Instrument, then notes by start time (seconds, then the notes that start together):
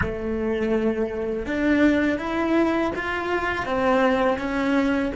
cello
0.01 A3
1.46 D4
2.18 E4
2.95 F4
3.65 C4
4.38 C#4